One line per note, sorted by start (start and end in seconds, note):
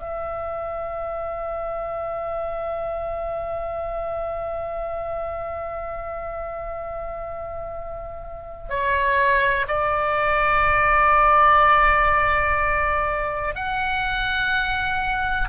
0.00 8.69 E5
8.69 9.66 C#5
9.68 13.55 D5
13.55 15.48 F#5